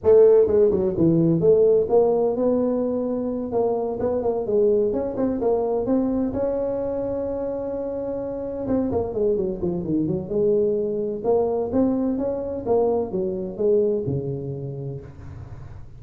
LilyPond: \new Staff \with { instrumentName = "tuba" } { \time 4/4 \tempo 4 = 128 a4 gis8 fis8 e4 a4 | ais4 b2~ b8 ais8~ | ais8 b8 ais8 gis4 cis'8 c'8 ais8~ | ais8 c'4 cis'2~ cis'8~ |
cis'2~ cis'8 c'8 ais8 gis8 | fis8 f8 dis8 fis8 gis2 | ais4 c'4 cis'4 ais4 | fis4 gis4 cis2 | }